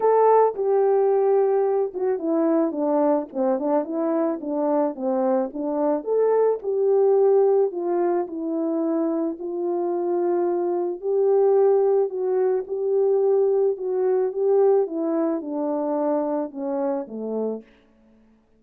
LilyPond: \new Staff \with { instrumentName = "horn" } { \time 4/4 \tempo 4 = 109 a'4 g'2~ g'8 fis'8 | e'4 d'4 c'8 d'8 e'4 | d'4 c'4 d'4 a'4 | g'2 f'4 e'4~ |
e'4 f'2. | g'2 fis'4 g'4~ | g'4 fis'4 g'4 e'4 | d'2 cis'4 a4 | }